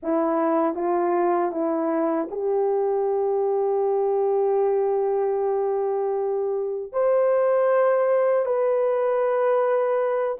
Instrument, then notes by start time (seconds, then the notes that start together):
horn
0.02 E4
0.74 F4
1.51 E4
2.30 G4
6.92 C5
8.45 B4